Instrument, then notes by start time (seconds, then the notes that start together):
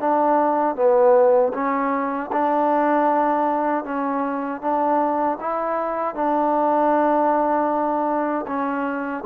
trombone
0.00 D4
0.76 B3
1.54 C#4
2.33 D4
3.85 C#4
4.61 D4
5.41 E4
6.15 D4
8.48 C#4